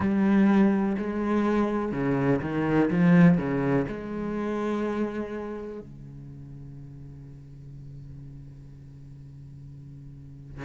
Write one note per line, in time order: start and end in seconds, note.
0.00 0.96 G3
0.97 1.91 G#3
1.91 2.40 C#3
2.41 2.89 D#3
2.90 3.37 F3
3.37 3.86 C#3
3.87 5.80 G#3
5.80 10.64 C#3